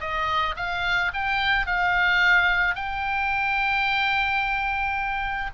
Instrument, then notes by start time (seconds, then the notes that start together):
oboe
0.00 D#5
0.56 F5
1.13 G5
1.66 F5
2.75 G5